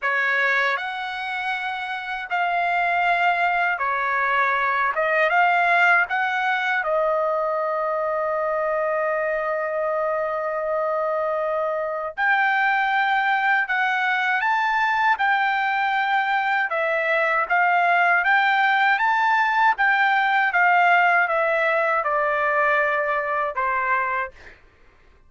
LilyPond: \new Staff \with { instrumentName = "trumpet" } { \time 4/4 \tempo 4 = 79 cis''4 fis''2 f''4~ | f''4 cis''4. dis''8 f''4 | fis''4 dis''2.~ | dis''1 |
g''2 fis''4 a''4 | g''2 e''4 f''4 | g''4 a''4 g''4 f''4 | e''4 d''2 c''4 | }